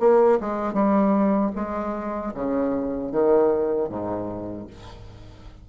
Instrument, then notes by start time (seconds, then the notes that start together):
bassoon
0.00 A#3
0.40 G#3
0.74 G3
1.55 G#3
2.34 C#3
3.12 D#3
3.89 G#2